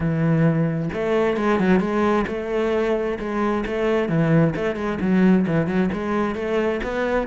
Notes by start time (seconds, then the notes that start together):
0.00 E3
0.93 A3
1.36 G#3
1.59 F#3
1.80 G#3
2.27 A3
3.19 G#3
3.65 A3
4.08 E3
4.56 A3
4.75 G#3
5.00 F#3
5.46 E3
5.66 F#3
5.92 G#3
6.35 A3
6.83 B3